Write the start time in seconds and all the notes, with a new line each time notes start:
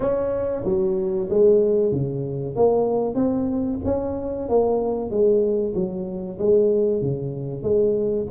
0.00 C#4
0.64 F#3
1.29 G#3
1.91 C#3
2.55 A#3
3.15 C4
3.85 C#4
4.49 A#3
5.10 G#3
5.74 F#3
6.38 G#3
7.01 C#3
7.62 G#3